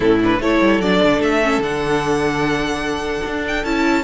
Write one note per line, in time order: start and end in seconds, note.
0.00 0.39 A2
0.00 0.20 C#4
0.00 0.39 E4
0.00 0.19 A4
0.22 0.41 D4
0.22 0.41 B4
0.39 0.60 A3
0.39 0.82 E4
0.39 4.03 A4
0.39 0.80 C#5
0.61 0.80 G3
0.80 1.00 F#3
0.80 1.42 D4
0.80 1.21 D5
1.03 1.19 D3
1.19 1.58 A3
1.19 1.62 E5
1.42 1.62 C#4
1.58 3.20 D3
1.58 3.65 D4
1.58 3.45 F#5
3.26 3.64 D4
3.47 3.65 G5
3.64 4.03 C#4
3.64 4.03 E4
3.64 4.03 A5